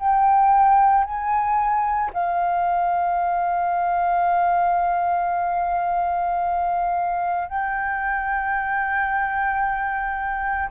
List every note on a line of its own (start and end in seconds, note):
0.00 1.05 G5
1.05 2.12 G#5
2.14 7.49 F5
7.49 10.70 G5